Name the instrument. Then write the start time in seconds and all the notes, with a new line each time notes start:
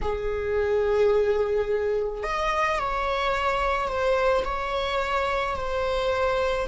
viola
0.02 G#4
2.23 D#5
2.78 C#5
3.88 C5
4.44 C#5
5.56 C5